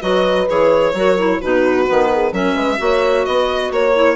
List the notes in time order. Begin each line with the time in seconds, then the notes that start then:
0.00 F#3 F#4 B4 D#5
0.47 E3 G#4 C#5
0.93 F#3 F#4 A#4
1.18 E4
1.40 B2 D#4 F#4 B4
1.86 D#3 B3
2.12 G#4
2.32 F#3 C#4 A#4 E5
2.55 G#3 B4
2.78 A#3 F#4 C#5
3.25 B3 B4 D#5
3.71 A#3 C#5
3.94 E4